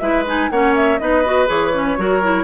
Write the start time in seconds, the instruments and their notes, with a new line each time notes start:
0.00 bassoon G#3, clarinet E4, oboe B4, flute E5
0.26 clarinet D#4, flute G#5
0.50 bassoon A#3, clarinet C#4, oboe C#5, flute F#5
0.75 flute E5
0.99 bassoon B3, clarinet D#4, oboe B4, flute D#5
1.25 clarinet F#4
1.47 bassoon E3, clarinet G#4, flute C#5
1.74 clarinet C#4
1.97 bassoon F#3, clarinet F#4, oboe A#4
2.22 clarinet E4